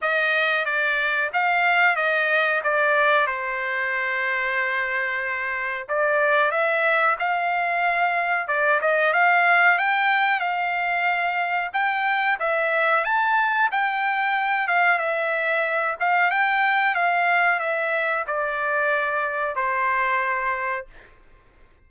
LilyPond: \new Staff \with { instrumentName = "trumpet" } { \time 4/4 \tempo 4 = 92 dis''4 d''4 f''4 dis''4 | d''4 c''2.~ | c''4 d''4 e''4 f''4~ | f''4 d''8 dis''8 f''4 g''4 |
f''2 g''4 e''4 | a''4 g''4. f''8 e''4~ | e''8 f''8 g''4 f''4 e''4 | d''2 c''2 | }